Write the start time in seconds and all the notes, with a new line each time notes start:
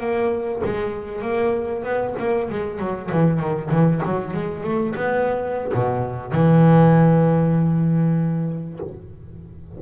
0.00 A#3
0.64 G#3
1.22 A#3
1.84 B3
2.19 A#3
2.50 G#3
2.79 F#3
3.11 E3
3.39 D#3
3.71 E3
4.05 F#3
4.34 G#3
4.64 A3
4.95 B3
5.74 B2
6.32 E3